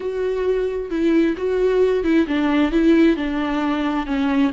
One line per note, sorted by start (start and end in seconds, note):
0.00 0.90 F#4
0.90 1.35 E4
1.37 2.03 F#4
2.03 2.26 E4
2.27 2.71 D4
2.71 3.16 E4
3.16 4.06 D4
4.06 4.51 C#4